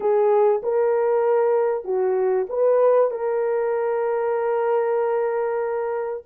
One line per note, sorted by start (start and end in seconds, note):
0.00 0.61 G#4
0.62 1.84 A#4
1.84 2.47 F#4
2.49 3.11 B4
3.11 6.23 A#4